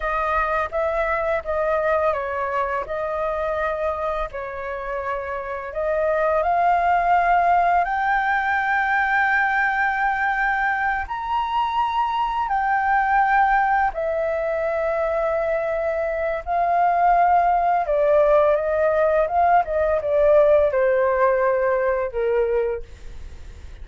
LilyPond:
\new Staff \with { instrumentName = "flute" } { \time 4/4 \tempo 4 = 84 dis''4 e''4 dis''4 cis''4 | dis''2 cis''2 | dis''4 f''2 g''4~ | g''2.~ g''8 ais''8~ |
ais''4. g''2 e''8~ | e''2. f''4~ | f''4 d''4 dis''4 f''8 dis''8 | d''4 c''2 ais'4 | }